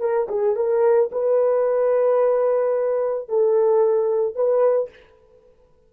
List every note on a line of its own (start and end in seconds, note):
0.00 0.27 A#4
0.28 0.56 G#4
0.56 1.10 A#4
1.12 3.28 B4
3.28 4.35 A4
4.35 4.90 B4